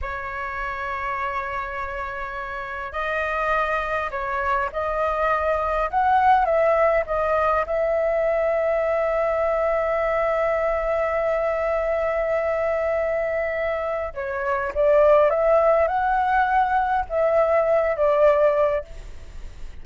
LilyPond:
\new Staff \with { instrumentName = "flute" } { \time 4/4 \tempo 4 = 102 cis''1~ | cis''4 dis''2 cis''4 | dis''2 fis''4 e''4 | dis''4 e''2.~ |
e''1~ | e''1 | cis''4 d''4 e''4 fis''4~ | fis''4 e''4. d''4. | }